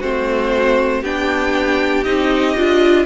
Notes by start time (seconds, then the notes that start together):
0.00 A3 C4 F#4 C5
1.02 B3 D4 G4 G5
2.04 C4 D#4 D#5
2.56 D4 F4